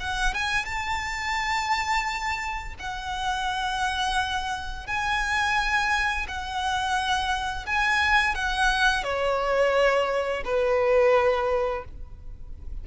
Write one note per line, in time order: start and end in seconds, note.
0.00 0.34 F#5
0.34 0.65 G#5
0.65 2.74 A5
2.79 4.87 F#5
4.87 6.26 G#5
6.28 7.66 F#5
7.66 8.35 G#5
8.35 9.03 F#5
9.03 10.43 C#5
10.45 11.84 B4